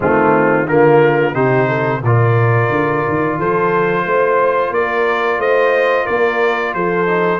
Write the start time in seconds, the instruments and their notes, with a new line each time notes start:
0.00 tuba D#3, trombone A3, horn C4, trumpet F4
0.67 tuba D3, trombone A#3, horn F4, trumpet A#4
1.33 tuba C3, trombone D#4, horn G4, trumpet C5
1.67 horn A4
2.02 tuba A#2, trombone F4, horn A#4, trumpet D5
2.69 tuba D3
3.08 tuba D#3
3.37 tuba F3, horn A4, trumpet C5
4.03 tuba A3, horn C5
4.70 tuba A#3, horn A#4, trumpet D5
5.37 tuba A3, horn C5, trumpet D#5
6.05 tuba A#3, horn A#4, trumpet D5
6.74 tuba F3, horn A4, trumpet C5
7.06 trombone D#4